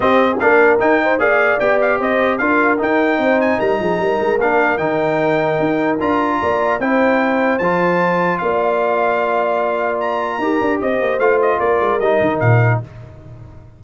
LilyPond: <<
  \new Staff \with { instrumentName = "trumpet" } { \time 4/4 \tempo 4 = 150 dis''4 f''4 g''4 f''4 | g''8 f''8 dis''4 f''4 g''4~ | g''8 gis''8 ais''2 f''4 | g''2. ais''4~ |
ais''4 g''2 a''4~ | a''4 f''2.~ | f''4 ais''2 dis''4 | f''8 dis''8 d''4 dis''4 f''4 | }
  \new Staff \with { instrumentName = "horn" } { \time 4/4 g'8. gis'16 ais'4. c''8 d''4~ | d''4 c''4 ais'2 | c''4 ais'8 gis'8 ais'2~ | ais'1 |
d''4 c''2.~ | c''4 d''2.~ | d''2 ais'4 c''4~ | c''4 ais'2. | }
  \new Staff \with { instrumentName = "trombone" } { \time 4/4 c'4 d'4 dis'4 gis'4 | g'2 f'4 dis'4~ | dis'2. d'4 | dis'2. f'4~ |
f'4 e'2 f'4~ | f'1~ | f'2 g'2 | f'2 dis'2 | }
  \new Staff \with { instrumentName = "tuba" } { \time 4/4 c'4 ais4 dis'4 ais4 | b4 c'4 d'4 dis'4 | c'4 g8 f8 g8 gis8 ais4 | dis2 dis'4 d'4 |
ais4 c'2 f4~ | f4 ais2.~ | ais2 dis'8 d'8 c'8 ais8 | a4 ais8 gis8 g8 dis8 ais,4 | }
>>